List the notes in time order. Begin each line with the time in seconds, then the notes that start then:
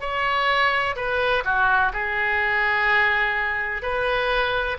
0.00 C#5
0.96 B4
1.44 F#4
1.93 G#4
3.82 B4